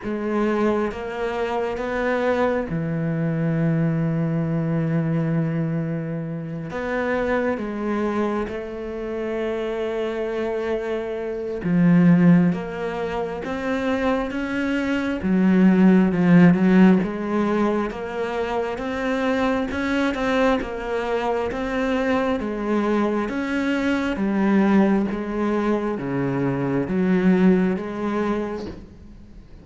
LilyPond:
\new Staff \with { instrumentName = "cello" } { \time 4/4 \tempo 4 = 67 gis4 ais4 b4 e4~ | e2.~ e8 b8~ | b8 gis4 a2~ a8~ | a4 f4 ais4 c'4 |
cis'4 fis4 f8 fis8 gis4 | ais4 c'4 cis'8 c'8 ais4 | c'4 gis4 cis'4 g4 | gis4 cis4 fis4 gis4 | }